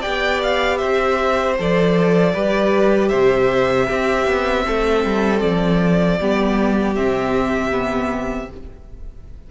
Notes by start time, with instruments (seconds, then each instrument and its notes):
0.00 cello B3, viola G4, violin D5 G5
0.42 violin F5
0.77 cello C4, violin C5 E5
1.58 cello F3, viola A4, violin D5
2.33 cello G3, viola G4, violin B4
3.08 cello C3, violin C5 E5
3.86 viola C4, cello C4, violin G4
4.26 cello B3
4.66 cello A3, violin A4
5.04 cello G3
5.39 cello F3, violin D5
6.19 cello G3, viola B3, violin G4
6.95 cello C3, viola C4, violin E5
7.70 viola B3